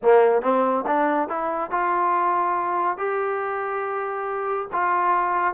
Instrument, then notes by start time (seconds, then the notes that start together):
trombone
0.02 A#3
0.42 C4
0.86 D4
1.28 E4
1.71 F4
2.97 G4
4.72 F4